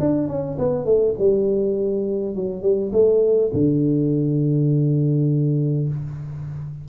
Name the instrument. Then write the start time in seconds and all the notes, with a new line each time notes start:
tuba
0.00 D4
0.28 C#4
0.59 B3
0.86 A3
1.19 G3
2.36 F#3
2.63 G3
2.93 A3
3.54 D3